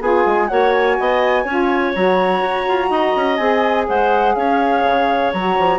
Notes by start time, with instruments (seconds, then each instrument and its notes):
0.00 bassoon B3, saxophone F4, clarinet G#4, flute G#5
0.26 bassoon G#3
0.48 bassoon A#3, saxophone F#4, clarinet C#5, flute F#5
0.73 flute G#5
0.99 bassoon B3, clarinet D#5
1.44 bassoon C#4, saxophone F4, clarinet C#5
1.94 bassoon F#3, saxophone F#4, flute A#5
2.42 bassoon F#4
2.68 bassoon F4
2.90 bassoon D#4, clarinet D#5
3.16 bassoon C#4
3.36 bassoon C4, saxophone G#4, flute G#5
3.87 bassoon G#3, clarinet C5, flute F#5
4.35 bassoon C#4, clarinet C#5, flute F5
4.84 bassoon C#3
5.33 bassoon F#3, saxophone F#4, flute A#5
5.59 bassoon F3